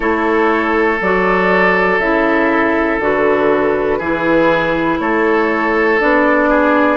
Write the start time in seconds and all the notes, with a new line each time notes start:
0.00 A3 E4 A4 C#5
1.00 F#3 F#4 D5
1.98 C#3 E4 E5
2.99 D3 F#4 B4
3.98 E3 E4 G#4
4.99 A3 A4 C#5
5.99 B3 D4 D5
6.49 G#4